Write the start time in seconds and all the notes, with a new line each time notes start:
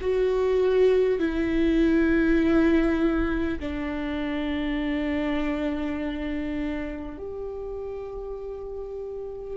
0.00 F#4
1.19 E4
3.59 D4
7.18 G4